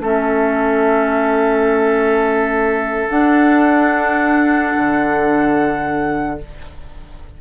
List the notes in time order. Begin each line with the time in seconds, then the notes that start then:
0.00 A3 C#4 A4 E5
3.09 D4 F#5
4.77 D3